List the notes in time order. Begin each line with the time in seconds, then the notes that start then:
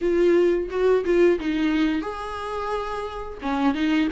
0.01 F4
0.70 F#4
1.04 F4
1.39 D#4
2.01 G#4
3.42 C#4
3.74 D#4